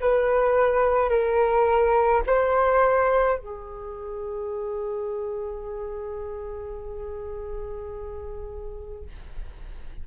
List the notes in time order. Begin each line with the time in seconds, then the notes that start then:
0.00 B4
1.09 A#4
2.26 C5
3.38 G#4